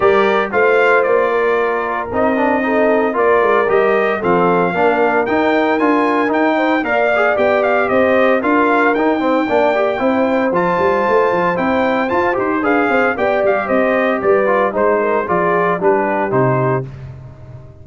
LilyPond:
<<
  \new Staff \with { instrumentName = "trumpet" } { \time 4/4 \tempo 4 = 114 d''4 f''4 d''2 | dis''2 d''4 dis''4 | f''2 g''4 gis''4 | g''4 f''4 g''8 f''8 dis''4 |
f''4 g''2. | a''2 g''4 a''8 c''8 | f''4 g''8 f''8 dis''4 d''4 | c''4 d''4 b'4 c''4 | }
  \new Staff \with { instrumentName = "horn" } { \time 4/4 ais'4 c''4. ais'4.~ | ais'4 a'4 ais'2 | a'4 ais'2.~ | ais'8 c''8 d''2 c''4 |
ais'4. c''8 d''4 c''4~ | c''1 | b'8 c''8 d''4 c''4 b'4 | c''8 ais'8 gis'4 g'2 | }
  \new Staff \with { instrumentName = "trombone" } { \time 4/4 g'4 f'2. | dis'8 d'8 dis'4 f'4 g'4 | c'4 d'4 dis'4 f'4 | dis'4 ais'8 gis'8 g'2 |
f'4 dis'8 c'8 d'8 g'8 e'4 | f'2 e'4 f'8 g'8 | gis'4 g'2~ g'8 f'8 | dis'4 f'4 d'4 dis'4 | }
  \new Staff \with { instrumentName = "tuba" } { \time 4/4 g4 a4 ais2 | c'2 ais8 gis8 g4 | f4 ais4 dis'4 d'4 | dis'4 ais4 b4 c'4 |
d'4 dis'4 ais4 c'4 | f8 g8 a8 f8 c'4 f'8 dis'8 | d'8 c'8 b8 g8 c'4 g4 | gis4 f4 g4 c4 | }
>>